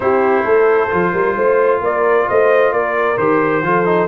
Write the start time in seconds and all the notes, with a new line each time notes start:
0.00 C4 E4 G4 C5
0.44 A3 A4
0.89 F3 F4
1.12 G3 A#4
1.35 A3 C5
1.80 A#3 A#4 D5
2.28 A3 C5 D#5
2.72 A#3 A#4 D5
3.17 D#3 G4 C5
3.62 F3 F4 A4
3.85 D#4